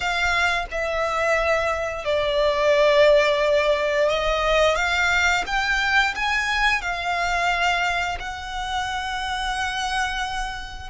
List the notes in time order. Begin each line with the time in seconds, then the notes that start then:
0.00 F5
0.71 E5
2.05 D5
4.09 D#5
4.75 F5
5.46 G5
6.15 G#5
6.81 F5
8.19 F#5